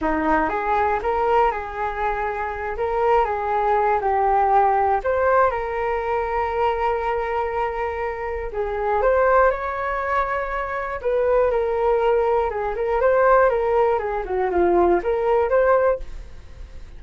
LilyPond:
\new Staff \with { instrumentName = "flute" } { \time 4/4 \tempo 4 = 120 dis'4 gis'4 ais'4 gis'4~ | gis'4. ais'4 gis'4. | g'2 c''4 ais'4~ | ais'1~ |
ais'4 gis'4 c''4 cis''4~ | cis''2 b'4 ais'4~ | ais'4 gis'8 ais'8 c''4 ais'4 | gis'8 fis'8 f'4 ais'4 c''4 | }